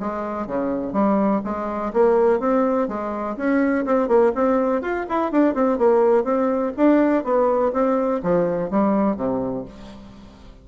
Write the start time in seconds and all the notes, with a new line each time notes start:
0.00 G#3
0.47 C#3
0.93 G3
1.44 G#3
1.93 A#3
2.40 C4
2.88 G#3
3.37 C#4
3.86 C4
4.08 A#3
4.35 C4
4.82 F4
5.09 E4
5.32 D4
5.54 C4
5.78 A#3
6.24 C4
6.77 D4
7.24 B3
7.73 C4
8.23 F3
8.70 G3
9.16 C3